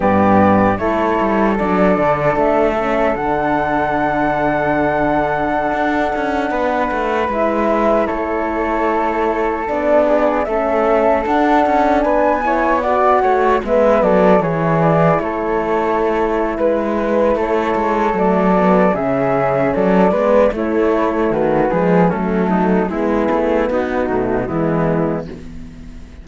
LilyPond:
<<
  \new Staff \with { instrumentName = "flute" } { \time 4/4 \tempo 4 = 76 d''4 cis''4 d''4 e''4 | fis''1~ | fis''4~ fis''16 e''4 cis''4.~ cis''16~ | cis''16 d''4 e''4 fis''4 gis''8.~ |
gis''16 fis''4 e''8 d''8 cis''8 d''8 cis''8.~ | cis''4 b'4 cis''4 d''4 | e''4 d''4 cis''4 b'4 | a'4 gis'4 fis'4 e'4 | }
  \new Staff \with { instrumentName = "flute" } { \time 4/4 g'4 a'2.~ | a'1~ | a'16 b'2 a'4.~ a'16~ | a'8. gis'8 a'2 b'8 cis''16~ |
cis''16 d''8 cis''8 b'8 a'8 gis'4 a'8.~ | a'4 b'4 a'2 | gis'4 a'8 b'8 e'4 fis'8 gis'8 | cis'8 dis'8 e'4 dis'4 b4 | }
  \new Staff \with { instrumentName = "horn" } { \time 4/4 b4 e'4 d'4. cis'8 | d'1~ | d'4~ d'16 e'2~ e'8.~ | e'16 d'4 cis'4 d'4. e'16~ |
e'16 fis'4 b4 e'4.~ e'16~ | e'2. a8 b8 | cis'4. b8 a4. gis8 | a4 b4. a8 gis4 | }
  \new Staff \with { instrumentName = "cello" } { \time 4/4 g,4 a8 g8 fis8 d8 a4 | d2.~ d16 d'8 cis'16~ | cis'16 b8 a8 gis4 a4.~ a16~ | a16 b4 a4 d'8 cis'8 b8.~ |
b8. a8 gis8 fis8 e4 a8.~ | a4 gis4 a8 gis8 fis4 | cis4 fis8 gis8 a4 dis8 f8 | fis4 gis8 a8 b8 b,8 e4 | }
>>